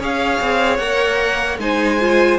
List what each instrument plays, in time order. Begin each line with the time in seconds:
0.00 cello C#4, viola G#4, violin C#5 F5
0.41 cello C4
0.78 cello A#3, viola A#4, violin F#5
1.58 cello G#3, viola D#4, violin C5 G#5
2.00 viola F4